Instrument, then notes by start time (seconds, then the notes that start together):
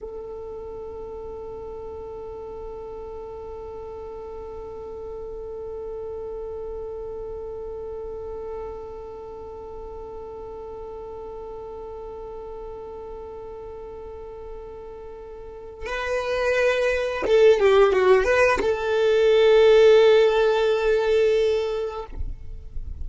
violin
0.01 A4
15.86 B4
17.26 A4
17.59 G4
17.92 F#4
18.24 B4
18.61 A4